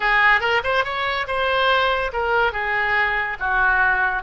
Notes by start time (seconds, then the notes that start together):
0.00 G#4
0.40 A#4
0.63 C5
0.84 C#5
1.27 C5
2.12 A#4
2.52 G#4
3.39 F#4